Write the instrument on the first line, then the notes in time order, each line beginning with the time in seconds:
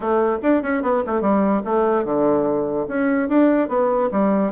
bassoon
0.00 A3
0.42 D4
0.62 C#4
0.82 B3
1.06 A3
1.21 G3
1.64 A3
2.04 D3
2.88 C#4
3.28 D4
3.68 B3
4.11 G3